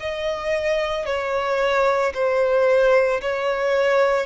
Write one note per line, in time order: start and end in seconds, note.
0.00 1.06 D#5
1.06 2.13 C#5
2.14 3.21 C5
3.21 4.26 C#5